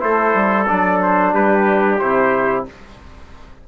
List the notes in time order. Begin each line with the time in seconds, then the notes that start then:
0.00 A3 E4 A4 C5
0.34 G3
0.68 F#3 D4 D5
1.02 C5
1.34 G3 G4 B4
1.99 C3 E4 C5